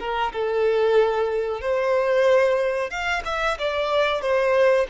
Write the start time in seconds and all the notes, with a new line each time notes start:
0.00 A#4
0.33 A4
1.61 C5
2.90 F5
3.25 E5
3.59 D5
4.22 C5